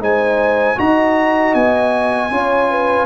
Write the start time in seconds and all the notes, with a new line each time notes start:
0.00 G#3 D#4 C5 G#5
0.76 D#4 F#4 D#5 A#5
1.54 B3 G#5
2.31 C#4 F4 C#5
2.71 B4